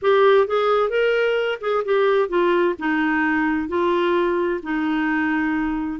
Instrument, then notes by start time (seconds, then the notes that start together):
clarinet
0.01 G4
0.47 G#4
0.89 A#4
1.60 G#4
1.84 G4
2.28 F4
2.78 D#4
3.68 F4
4.62 D#4